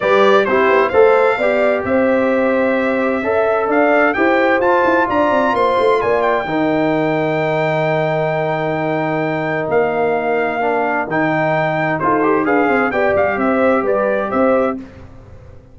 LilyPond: <<
  \new Staff \with { instrumentName = "trumpet" } { \time 4/4 \tempo 4 = 130 d''4 c''4 f''2 | e''1 | f''4 g''4 a''4 ais''4 | c'''4 gis''8 g''2~ g''8~ |
g''1~ | g''4 f''2. | g''2 c''4 f''4 | g''8 f''8 e''4 d''4 e''4 | }
  \new Staff \with { instrumentName = "horn" } { \time 4/4 b'4 g'4 c''4 d''4 | c''2. e''4 | d''4 c''2 d''4 | c''4 d''4 ais'2~ |
ais'1~ | ais'1~ | ais'2 a'4 b'8 c''8 | d''4 c''4 b'4 c''4 | }
  \new Staff \with { instrumentName = "trombone" } { \time 4/4 g'4 e'4 a'4 g'4~ | g'2. a'4~ | a'4 g'4 f'2~ | f'2 dis'2~ |
dis'1~ | dis'2. d'4 | dis'2 f'8 g'8 gis'4 | g'1 | }
  \new Staff \with { instrumentName = "tuba" } { \time 4/4 g4 c'8 b8 a4 b4 | c'2. cis'4 | d'4 e'4 f'8 e'8 d'8 c'8 | ais8 a8 ais4 dis2~ |
dis1~ | dis4 ais2. | dis2 dis'4 d'8 c'8 | b8 g8 c'4 g4 c'4 | }
>>